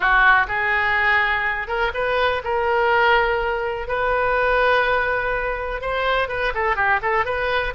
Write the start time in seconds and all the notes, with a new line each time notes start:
0.00 F#4
0.47 G#4
1.67 A#4
1.94 B4
2.43 A#4
3.87 B4
5.81 C5
6.28 B4
6.54 A4
6.75 G4
7.01 A4
7.25 B4